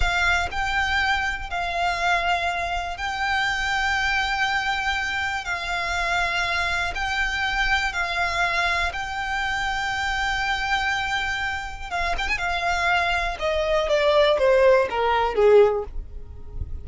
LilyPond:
\new Staff \with { instrumentName = "violin" } { \time 4/4 \tempo 4 = 121 f''4 g''2 f''4~ | f''2 g''2~ | g''2. f''4~ | f''2 g''2 |
f''2 g''2~ | g''1 | f''8 g''16 gis''16 f''2 dis''4 | d''4 c''4 ais'4 gis'4 | }